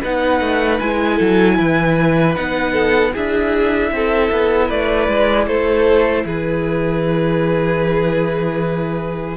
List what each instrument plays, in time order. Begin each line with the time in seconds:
0.00 cello B3, viola D#4, violin B4 F#5
0.41 cello A3
0.79 cello G#3, viola E4, violin G#5
1.15 cello F#3, violin A4
1.57 cello E3, violin B4
2.35 cello B3, viola D#4, violin F#5
2.72 violin A4
3.12 cello D4, viola E4, violin G#4 E5
3.91 cello C4, violin A4
4.31 cello B3
4.67 cello A3, violin B4 D5
5.08 cello G#3
5.46 cello A3, violin A4 C5
6.24 cello E3, violin G#4 B4